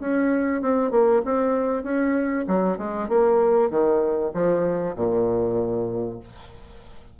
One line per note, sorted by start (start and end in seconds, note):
0.00 0.62 C#4
0.62 0.91 C4
0.91 1.22 A#3
1.25 1.84 C4
1.84 2.45 C#4
2.48 2.78 F#3
2.78 3.09 G#3
3.09 3.70 A#3
3.70 4.32 D#3
4.34 4.96 F3
4.96 6.19 A#2